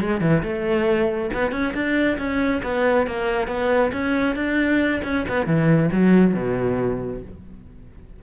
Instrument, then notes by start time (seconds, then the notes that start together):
cello
0.00 G#3
0.21 E3
0.43 A3
1.33 B3
1.51 C#4
1.74 D4
2.18 C#4
2.63 B3
3.07 A#3
3.47 B3
3.92 C#4
4.35 D4
5.03 C#4
5.28 B3
5.46 E3
5.91 F#3
6.34 B2